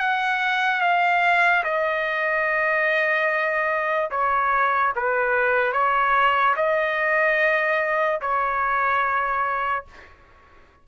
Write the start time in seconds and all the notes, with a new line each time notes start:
0.00 F#5
0.81 F5
1.64 D#5
4.11 C#5
4.97 B4
5.73 C#5
6.57 D#5
8.21 C#5